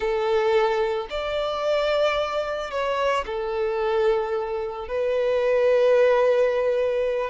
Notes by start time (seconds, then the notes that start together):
0.00 A4
1.10 D5
2.70 C#5
3.26 A4
4.88 B4